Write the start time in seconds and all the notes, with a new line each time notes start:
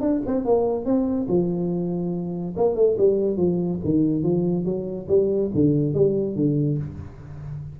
0.00 D4
0.26 C4
0.44 A#3
0.85 C4
1.28 F3
2.56 A#3
2.75 A3
2.98 G3
3.37 F3
3.84 D#3
4.23 F3
4.65 F#3
5.08 G3
5.54 D3
5.94 G3
6.35 D3